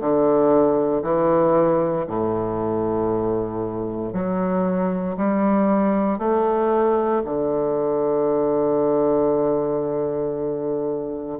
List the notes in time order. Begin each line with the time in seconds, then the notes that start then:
0.00 D3
1.02 E3
2.07 A2
4.13 F#3
5.17 G3
6.18 A3
7.25 D3